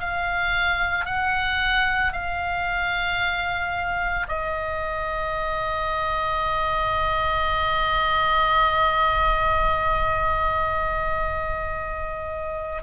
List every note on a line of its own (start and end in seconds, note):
0.00 1.06 F5
1.06 2.13 F#5
2.13 4.27 F5
4.28 12.83 D#5